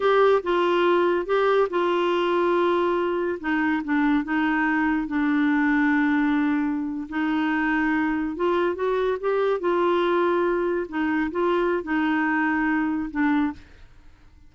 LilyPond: \new Staff \with { instrumentName = "clarinet" } { \time 4/4 \tempo 4 = 142 g'4 f'2 g'4 | f'1 | dis'4 d'4 dis'2 | d'1~ |
d'8. dis'2. f'16~ | f'8. fis'4 g'4 f'4~ f'16~ | f'4.~ f'16 dis'4 f'4~ f'16 | dis'2. d'4 | }